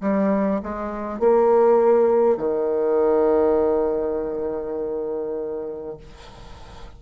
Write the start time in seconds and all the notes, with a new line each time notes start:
0.00 G3
0.63 G#3
1.19 A#3
2.37 D#3